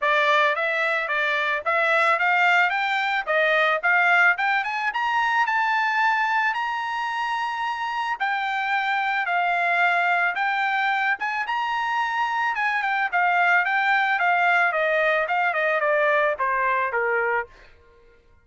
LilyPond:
\new Staff \with { instrumentName = "trumpet" } { \time 4/4 \tempo 4 = 110 d''4 e''4 d''4 e''4 | f''4 g''4 dis''4 f''4 | g''8 gis''8 ais''4 a''2 | ais''2. g''4~ |
g''4 f''2 g''4~ | g''8 gis''8 ais''2 gis''8 g''8 | f''4 g''4 f''4 dis''4 | f''8 dis''8 d''4 c''4 ais'4 | }